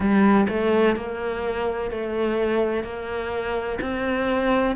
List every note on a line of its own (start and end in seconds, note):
0.00 0.47 G3
0.48 0.95 A3
0.95 1.90 A#3
1.90 2.83 A3
2.83 3.78 A#3
3.81 4.75 C4